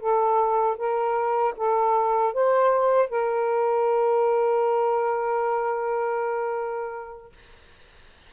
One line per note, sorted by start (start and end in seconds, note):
0.00 0.77 A4
0.77 1.54 A#4
1.57 2.34 A4
2.34 3.09 C5
3.09 7.32 A#4